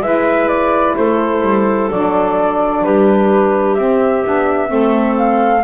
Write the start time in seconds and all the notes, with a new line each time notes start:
0.00 G#3 E4 B4 E5
0.48 D5
0.96 A3 A4 C5
1.41 G3
1.90 F#3 D4 D5
2.84 G3 G4 B4
3.74 C4 E5
4.25 B3 D4
4.67 A3 C4 A4
5.18 F5